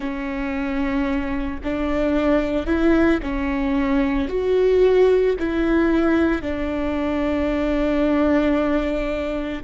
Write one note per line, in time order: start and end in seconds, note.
0.00 1.60 C#4
1.64 2.66 D4
2.66 3.19 E4
3.22 4.28 C#4
4.28 5.35 F#4
5.39 6.41 E4
6.41 9.63 D4